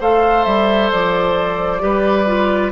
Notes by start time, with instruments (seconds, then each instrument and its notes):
0.00 bassoon A3, clarinet A4, oboe C5, flute F5
0.44 bassoon G3, flute E5
0.91 bassoon F3, flute D5
1.79 bassoon G3, clarinet G4, oboe B4
2.27 clarinet F4